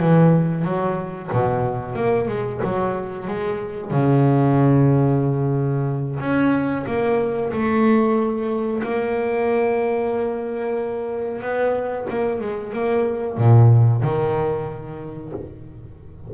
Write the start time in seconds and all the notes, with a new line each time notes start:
0.00 E3
0.65 F#3
1.32 B2
1.96 A#3
2.28 G#3
2.64 F#3
3.27 G#3
3.91 C#3
6.20 C#4
6.87 A#3
7.52 A3
8.83 A#3
11.42 B3
12.10 A#3
12.41 G#3
12.73 A#3
13.37 A#2
14.02 D#3